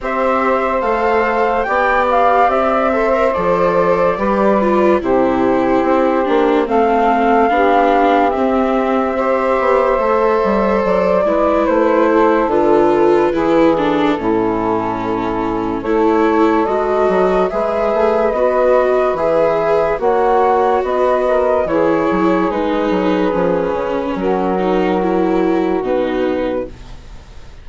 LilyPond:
<<
  \new Staff \with { instrumentName = "flute" } { \time 4/4 \tempo 4 = 72 e''4 f''4 g''8 f''8 e''4 | d''2 c''2 | f''2 e''2~ | e''4 d''4 c''4 b'4~ |
b'8 a'2~ a'8 cis''4 | dis''4 e''4 dis''4 e''4 | fis''4 dis''4 cis''4 b'4~ | b'4 ais'2 b'4 | }
  \new Staff \with { instrumentName = "saxophone" } { \time 4/4 c''2 d''4. c''8~ | c''4 b'4 g'2 | a'4 g'2 c''4~ | c''4. b'4 a'4. |
gis'4 e'2 a'4~ | a'4 b'2. | cis''4 b'8 ais'8 gis'2~ | gis'4 fis'2. | }
  \new Staff \with { instrumentName = "viola" } { \time 4/4 g'4 a'4 g'4. a'16 ais'16 | a'4 g'8 f'8 e'4. d'8 | c'4 d'4 c'4 g'4 | a'4. e'4. f'4 |
e'8 d'8 cis'2 e'4 | fis'4 gis'4 fis'4 gis'4 | fis'2 e'4 dis'4 | cis'4. dis'8 e'4 dis'4 | }
  \new Staff \with { instrumentName = "bassoon" } { \time 4/4 c'4 a4 b4 c'4 | f4 g4 c4 c'8 ais8 | a4 b4 c'4. b8 | a8 g8 fis8 gis8 a4 d4 |
e4 a,2 a4 | gis8 fis8 gis8 a8 b4 e4 | ais4 b4 e8 fis8 gis8 fis8 | f8 cis8 fis2 b,4 | }
>>